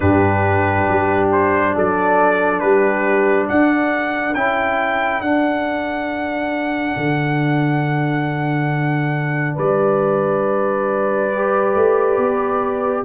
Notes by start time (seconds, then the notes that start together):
0.00 G2 D4 G4 B4
0.88 G3
1.31 C5
1.74 F#3 A4 D5
2.59 G3 G4 B4
3.47 D4 A4 F#5
4.34 C#4 E4 G5
5.21 D4 F#5
6.96 D3
9.55 G3 B4 D5
11.32 G4
11.74 A3
12.17 B3